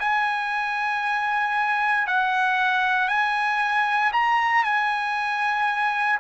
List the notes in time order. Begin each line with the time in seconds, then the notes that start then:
0.00 G#5
2.07 F#5
3.08 G#5
4.12 A#5
4.64 G#5